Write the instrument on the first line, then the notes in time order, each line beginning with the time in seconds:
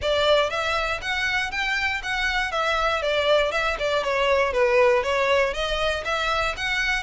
violin
0.01 D5
0.50 E5
1.01 F#5
1.51 G5
2.03 F#5
2.51 E5
3.02 D5
3.51 E5
3.79 D5
4.03 C#5
4.52 B4
5.03 C#5
5.53 D#5
6.04 E5
6.56 F#5